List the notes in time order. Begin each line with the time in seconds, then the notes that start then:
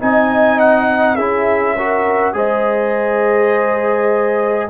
0.00 C4 D#4 D#5 G#5
0.60 F#5
1.16 C#4 E4 G#4 E5
1.75 F#4 A#4
2.33 G#3 G#4 C5 D#5